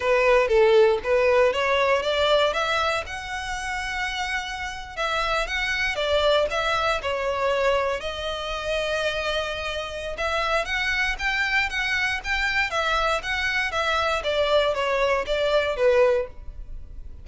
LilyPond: \new Staff \with { instrumentName = "violin" } { \time 4/4 \tempo 4 = 118 b'4 a'4 b'4 cis''4 | d''4 e''4 fis''2~ | fis''4.~ fis''16 e''4 fis''4 d''16~ | d''8. e''4 cis''2 dis''16~ |
dis''1 | e''4 fis''4 g''4 fis''4 | g''4 e''4 fis''4 e''4 | d''4 cis''4 d''4 b'4 | }